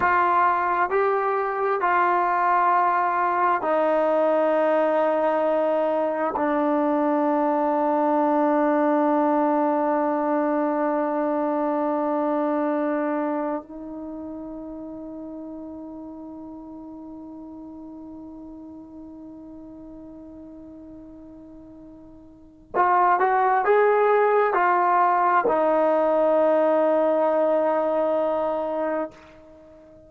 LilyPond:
\new Staff \with { instrumentName = "trombone" } { \time 4/4 \tempo 4 = 66 f'4 g'4 f'2 | dis'2. d'4~ | d'1~ | d'2. dis'4~ |
dis'1~ | dis'1~ | dis'4 f'8 fis'8 gis'4 f'4 | dis'1 | }